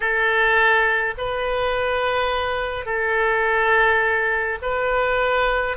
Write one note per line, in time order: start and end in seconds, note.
0.00 1.14 A4
1.17 2.85 B4
2.85 4.58 A4
4.62 5.76 B4